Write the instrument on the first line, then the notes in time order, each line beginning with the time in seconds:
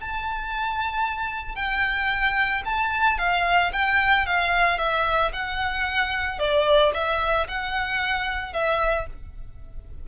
violin
0.00 A5
1.55 G5
2.65 A5
3.18 F5
3.72 G5
4.26 F5
4.78 E5
5.32 F#5
6.39 D5
6.94 E5
7.48 F#5
8.53 E5